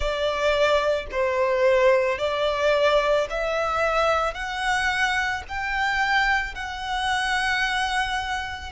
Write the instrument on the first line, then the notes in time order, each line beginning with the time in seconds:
violin
0.00 D5
1.11 C5
2.18 D5
3.30 E5
4.33 F#5
5.48 G5
6.55 F#5